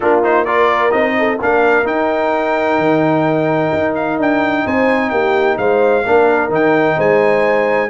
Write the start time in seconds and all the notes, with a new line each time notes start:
0.00 A#3 D4 F4 A#4
0.23 D#4 C5
0.44 F4 A#4 D5
0.90 C4 D#4 D#5
1.18 A4
1.40 A#3 D4 A#4 F5
1.84 D#4 G5
2.77 D#3
3.73 D#4
3.95 F5
4.18 D4 G5
4.64 C4 C5 G#5
5.10 A#3 G4 G5
5.57 G#3 C5 F5
6.03 A#3 D4 A#4
6.48 D#3 D#4 G5
6.96 G#3 C5 G#5